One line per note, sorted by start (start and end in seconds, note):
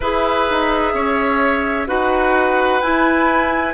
0.00 0.48 E4
0.00 1.87 G#4
0.00 0.93 B4
0.00 1.88 E5
0.50 0.94 D#4
0.94 1.88 C#4
0.94 1.88 C#5
1.87 2.81 D#4
1.87 2.80 F#4
1.87 3.73 B4
1.87 2.81 F#5
2.81 3.73 E4
2.81 3.73 G#5